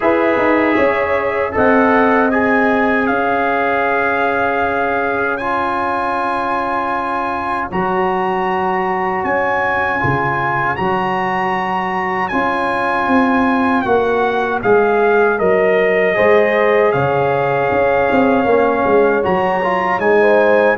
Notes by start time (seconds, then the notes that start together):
0.00 E4 G#4 B4 E5
0.37 D#4
0.75 C#4 C#5
1.52 C4 A4 D#5 F#5
2.30 G#4 G#5
3.07 C#4 C#5 F5
5.37 F4 G#5
7.71 F#3 F#4 A#5
9.24 C#4 G#5
9.99 C#3 F4
10.75 F#3 F#4 A#5
12.28 C#4 F4 G#5
13.07 C4
13.82 A#3 F#4 F#5
14.62 G#3 G#4 F5
15.38 F#3 A#4 D#5
16.14 G#3 G#4 C5
16.92 C#3 C#5 F5
17.71 C#4
18.11 C4
18.45 A#3 C#4
18.86 G#3
19.22 F#3 F#4 A#5
19.63 F4
19.98 G#3 D#4 G#5
20.21 C5